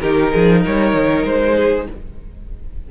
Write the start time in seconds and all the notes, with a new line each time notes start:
0.00 D#3 D#4 G4 A#4
0.32 F3 G#4
0.61 G3 A#4 C#5
0.93 D#3
1.24 G#3 C5
1.56 G#4